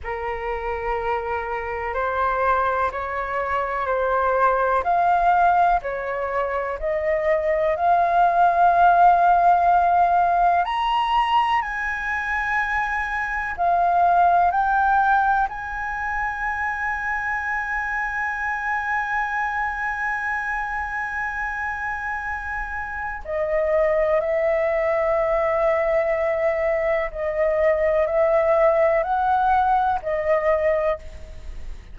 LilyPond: \new Staff \with { instrumentName = "flute" } { \time 4/4 \tempo 4 = 62 ais'2 c''4 cis''4 | c''4 f''4 cis''4 dis''4 | f''2. ais''4 | gis''2 f''4 g''4 |
gis''1~ | gis''1 | dis''4 e''2. | dis''4 e''4 fis''4 dis''4 | }